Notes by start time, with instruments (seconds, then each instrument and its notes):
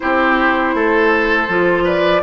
0.00 bassoon C4, clarinet E4, oboe G4, flute C5
0.74 bassoon A3, oboe A4
1.48 bassoon F3, clarinet F4
1.84 oboe B4, flute D5